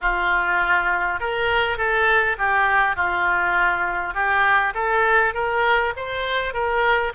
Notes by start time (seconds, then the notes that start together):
0.01 F4
1.20 A#4
1.77 A4
2.38 G4
2.95 F4
4.14 G4
4.74 A4
5.34 A#4
5.96 C5
6.53 A#4